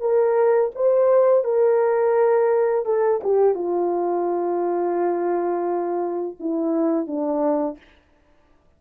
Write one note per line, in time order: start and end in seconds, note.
0.00 0.71 A#4
0.75 1.44 C5
1.44 2.85 A#4
2.85 3.21 A4
3.23 3.55 G4
3.55 6.37 F4
6.39 7.07 E4
7.07 7.77 D4